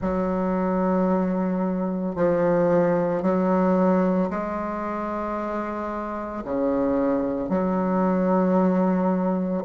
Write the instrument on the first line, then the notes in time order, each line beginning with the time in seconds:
bassoon
0.01 F#3
2.15 F3
3.22 F#3
4.30 G#3
6.44 C#3
7.49 F#3